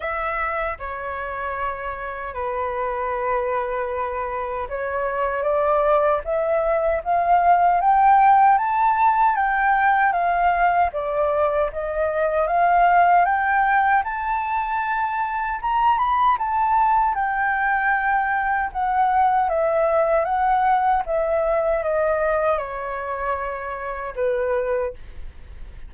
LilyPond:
\new Staff \with { instrumentName = "flute" } { \time 4/4 \tempo 4 = 77 e''4 cis''2 b'4~ | b'2 cis''4 d''4 | e''4 f''4 g''4 a''4 | g''4 f''4 d''4 dis''4 |
f''4 g''4 a''2 | ais''8 b''8 a''4 g''2 | fis''4 e''4 fis''4 e''4 | dis''4 cis''2 b'4 | }